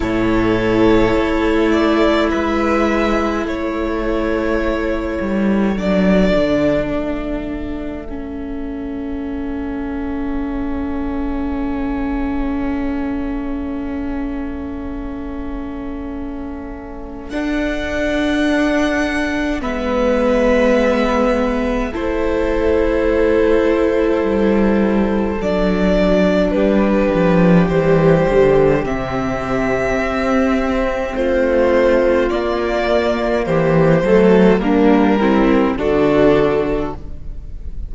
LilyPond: <<
  \new Staff \with { instrumentName = "violin" } { \time 4/4 \tempo 4 = 52 cis''4. d''8 e''4 cis''4~ | cis''4 d''4 e''2~ | e''1~ | e''2. fis''4~ |
fis''4 e''2 c''4~ | c''2 d''4 b'4 | c''4 e''2 c''4 | d''4 c''4 ais'4 a'4 | }
  \new Staff \with { instrumentName = "violin" } { \time 4/4 a'2 b'4 a'4~ | a'1~ | a'1~ | a'1~ |
a'4 b'2 a'4~ | a'2. g'4~ | g'2. f'4~ | f'4 g'8 a'8 d'8 e'8 fis'4 | }
  \new Staff \with { instrumentName = "viola" } { \time 4/4 e'1~ | e'4 d'2 cis'4~ | cis'1~ | cis'2. d'4~ |
d'4 b2 e'4~ | e'2 d'2 | g4 c'2. | ais4. a8 ais8 c'8 d'4 | }
  \new Staff \with { instrumentName = "cello" } { \time 4/4 a,4 a4 gis4 a4~ | a8 g8 fis8 d8 a2~ | a1~ | a2. d'4~ |
d'4 gis2 a4~ | a4 g4 fis4 g8 f8 | e8 d8 c4 c'4 a4 | ais4 e8 fis8 g4 d4 | }
>>